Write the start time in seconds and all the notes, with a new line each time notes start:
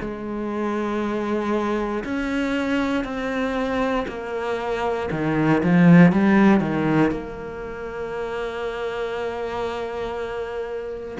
0.00 G#3
2.04 C#4
3.04 C4
4.08 A#3
5.11 D#3
5.63 F3
6.12 G3
6.60 D#3
7.10 A#3